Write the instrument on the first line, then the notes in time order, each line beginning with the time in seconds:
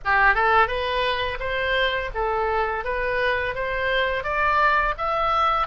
oboe
0.04 G4
0.34 A4
0.67 B4
1.39 C5
2.14 A4
2.84 B4
3.55 C5
4.23 D5
4.97 E5